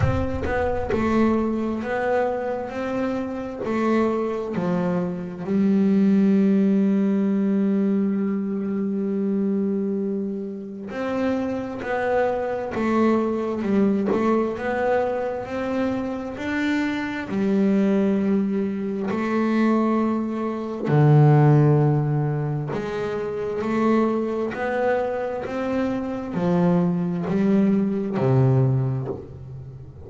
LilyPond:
\new Staff \with { instrumentName = "double bass" } { \time 4/4 \tempo 4 = 66 c'8 b8 a4 b4 c'4 | a4 f4 g2~ | g1 | c'4 b4 a4 g8 a8 |
b4 c'4 d'4 g4~ | g4 a2 d4~ | d4 gis4 a4 b4 | c'4 f4 g4 c4 | }